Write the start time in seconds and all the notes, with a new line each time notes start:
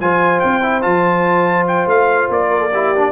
0.00 F3 F4 C5 G#5
0.40 C4 G5
0.62 E4
0.81 F3 F4 A5
1.68 G5
1.87 A3 F5
2.29 A#3 D5
2.50 A#4
2.60 A4
2.72 E4 G4
2.96 D4